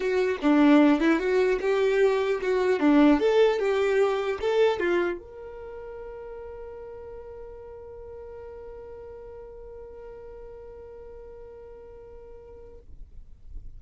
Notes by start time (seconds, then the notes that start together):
0.00 F#4
0.42 D4
1.00 E4
1.19 F#4
1.60 G4
2.41 F#4
2.79 D4
3.19 A4
3.59 G4
4.41 A4
4.79 F4
5.19 A#4